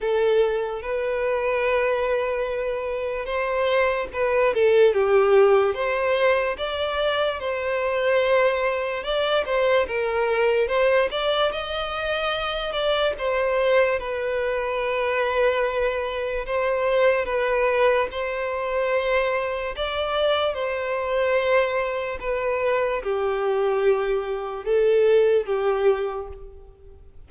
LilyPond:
\new Staff \with { instrumentName = "violin" } { \time 4/4 \tempo 4 = 73 a'4 b'2. | c''4 b'8 a'8 g'4 c''4 | d''4 c''2 d''8 c''8 | ais'4 c''8 d''8 dis''4. d''8 |
c''4 b'2. | c''4 b'4 c''2 | d''4 c''2 b'4 | g'2 a'4 g'4 | }